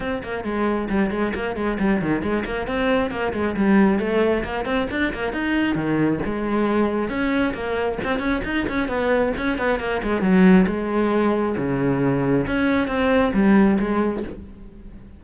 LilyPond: \new Staff \with { instrumentName = "cello" } { \time 4/4 \tempo 4 = 135 c'8 ais8 gis4 g8 gis8 ais8 gis8 | g8 dis8 gis8 ais8 c'4 ais8 gis8 | g4 a4 ais8 c'8 d'8 ais8 | dis'4 dis4 gis2 |
cis'4 ais4 c'8 cis'8 dis'8 cis'8 | b4 cis'8 b8 ais8 gis8 fis4 | gis2 cis2 | cis'4 c'4 g4 gis4 | }